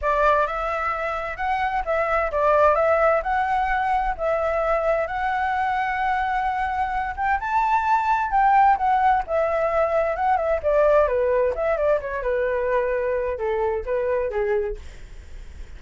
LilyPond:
\new Staff \with { instrumentName = "flute" } { \time 4/4 \tempo 4 = 130 d''4 e''2 fis''4 | e''4 d''4 e''4 fis''4~ | fis''4 e''2 fis''4~ | fis''2.~ fis''8 g''8 |
a''2 g''4 fis''4 | e''2 fis''8 e''8 d''4 | b'4 e''8 d''8 cis''8 b'4.~ | b'4 a'4 b'4 gis'4 | }